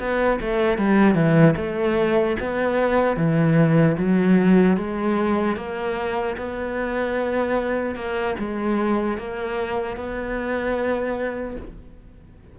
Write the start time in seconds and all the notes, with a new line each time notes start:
0.00 B3
0.41 A3
0.78 G3
1.15 E3
1.57 A3
2.40 B3
3.17 E3
3.98 F#3
4.77 G#3
5.56 A#3
6.38 B3
7.96 A#3
8.39 G#3
9.18 A#3
9.97 B3